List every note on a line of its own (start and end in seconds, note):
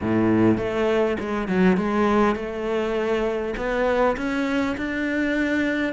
0.01 0.57 A2
0.57 1.17 A3
1.19 1.47 G#3
1.47 1.77 F#3
1.77 2.35 G#3
2.35 3.54 A3
3.56 4.16 B3
4.16 4.76 C#4
4.77 5.93 D4